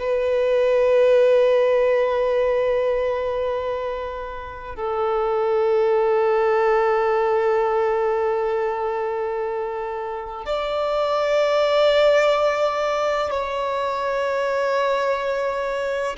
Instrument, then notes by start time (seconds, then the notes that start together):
violin
0.00 B4
4.76 A4
10.46 D5
13.31 C#5